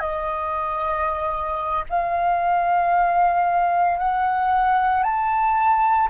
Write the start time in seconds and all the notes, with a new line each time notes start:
0.00 D#5
1.90 F5
3.99 F#5
5.04 A5